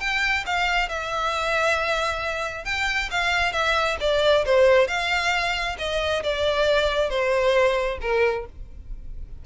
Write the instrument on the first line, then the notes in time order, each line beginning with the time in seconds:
violin
0.00 G5
0.46 F5
0.89 E5
2.65 G5
3.11 F5
3.53 E5
4.01 D5
4.45 C5
4.88 F5
5.79 D#5
6.23 D5
7.10 C5
8.01 A#4